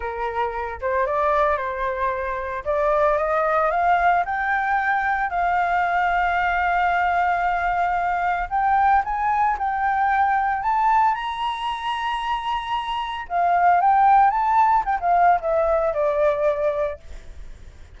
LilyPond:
\new Staff \with { instrumentName = "flute" } { \time 4/4 \tempo 4 = 113 ais'4. c''8 d''4 c''4~ | c''4 d''4 dis''4 f''4 | g''2 f''2~ | f''1 |
g''4 gis''4 g''2 | a''4 ais''2.~ | ais''4 f''4 g''4 a''4 | g''16 f''8. e''4 d''2 | }